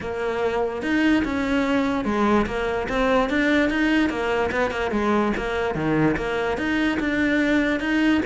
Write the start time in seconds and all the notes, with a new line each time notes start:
0.00 A#3
0.82 D#4
1.24 C#4
2.04 G#3
2.46 A#3
2.88 C4
3.29 D4
3.69 D#4
4.09 A#3
4.51 B3
4.71 A#3
4.91 G#3
5.36 A#3
5.75 D#3
6.16 A#3
6.57 D#4
6.99 D4
7.80 D#4